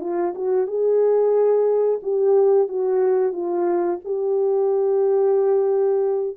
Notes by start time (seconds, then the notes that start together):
0.00 F4
0.35 F#4
0.67 G#4
2.02 G4
2.68 F#4
3.32 F4
4.05 G4